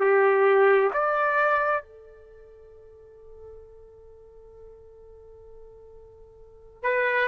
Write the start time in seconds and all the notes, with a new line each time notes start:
0.00 G4
0.93 D5
1.83 A4
6.83 B4